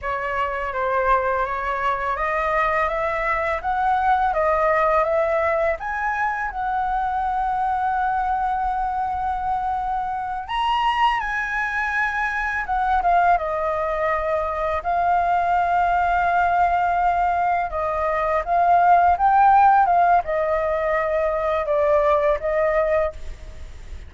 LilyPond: \new Staff \with { instrumentName = "flute" } { \time 4/4 \tempo 4 = 83 cis''4 c''4 cis''4 dis''4 | e''4 fis''4 dis''4 e''4 | gis''4 fis''2.~ | fis''2~ fis''8 ais''4 gis''8~ |
gis''4. fis''8 f''8 dis''4.~ | dis''8 f''2.~ f''8~ | f''8 dis''4 f''4 g''4 f''8 | dis''2 d''4 dis''4 | }